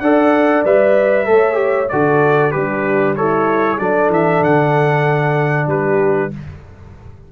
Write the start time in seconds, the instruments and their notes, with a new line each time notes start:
0.00 tuba D4, trombone A4, horn D5, trumpet F#5
0.65 tuba G3, trombone B4, trumpet E5
1.26 tuba A3, trombone A4, horn C#5
1.54 trombone G4
1.89 tuba D3, trombone F#4, horn A4, trumpet D5
2.51 tuba G3, horn D4, trombone G4, trumpet B4
3.16 horn E4, trombone A4, trumpet C#5
3.79 tuba F#3, trombone D4, horn A4, trumpet D5
4.09 tuba E3, trumpet E5
4.41 tuba D3, trumpet F#5
5.67 tuba G3, horn G4, trumpet B4